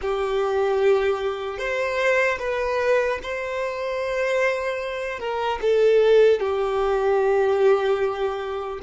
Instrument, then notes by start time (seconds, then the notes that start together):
violin
0.01 G4
1.58 C5
2.39 B4
3.23 C5
5.19 A#4
5.61 A4
6.40 G4